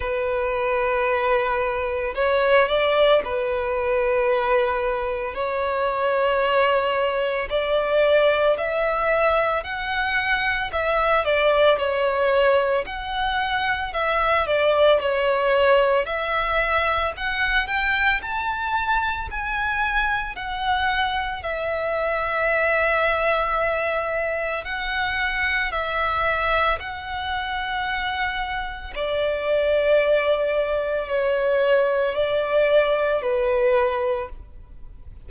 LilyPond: \new Staff \with { instrumentName = "violin" } { \time 4/4 \tempo 4 = 56 b'2 cis''8 d''8 b'4~ | b'4 cis''2 d''4 | e''4 fis''4 e''8 d''8 cis''4 | fis''4 e''8 d''8 cis''4 e''4 |
fis''8 g''8 a''4 gis''4 fis''4 | e''2. fis''4 | e''4 fis''2 d''4~ | d''4 cis''4 d''4 b'4 | }